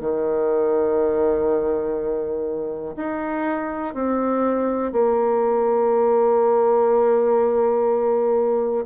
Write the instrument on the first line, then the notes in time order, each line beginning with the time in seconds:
bassoon
0.00 D#3
2.96 D#4
3.94 C4
4.92 A#3